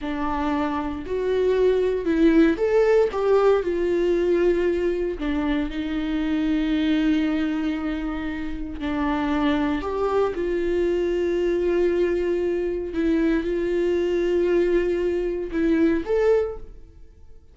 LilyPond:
\new Staff \with { instrumentName = "viola" } { \time 4/4 \tempo 4 = 116 d'2 fis'2 | e'4 a'4 g'4 f'4~ | f'2 d'4 dis'4~ | dis'1~ |
dis'4 d'2 g'4 | f'1~ | f'4 e'4 f'2~ | f'2 e'4 a'4 | }